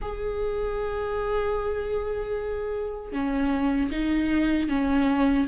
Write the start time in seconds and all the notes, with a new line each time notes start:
0.01 G#4
3.12 C#4
3.91 D#4
4.68 C#4